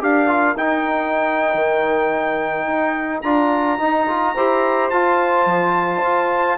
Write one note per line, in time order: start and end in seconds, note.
0.00 0.56 D4
0.00 0.27 G4
0.00 4.34 A#4
0.00 0.57 F5
0.27 0.55 F4
0.56 1.54 D#4
0.56 3.24 D#4
0.56 3.22 G5
1.54 2.66 D#3
2.66 3.22 D#4
3.22 3.79 D4
3.22 3.79 F4
3.22 4.90 A#5
3.79 4.07 D#4
3.79 4.36 D#4
4.07 4.35 F4
4.34 4.91 E4
4.34 4.92 G4
4.34 6.58 C5
4.90 5.46 F4
4.90 6.58 F4
4.90 6.58 A5
5.46 6.02 F3
6.02 6.58 F4